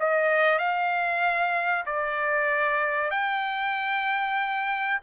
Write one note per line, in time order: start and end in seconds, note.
0.00 0.59 D#5
0.59 1.85 F5
1.86 3.11 D5
3.11 5.01 G5